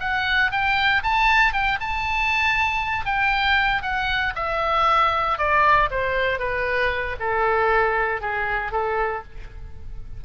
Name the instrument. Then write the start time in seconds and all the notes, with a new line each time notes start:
oboe
0.00 F#5
0.51 G5
1.03 A5
1.53 G5
1.80 A5
3.05 G5
3.82 F#5
4.35 E5
5.38 D5
5.90 C5
6.39 B4
7.20 A4
8.21 G#4
8.72 A4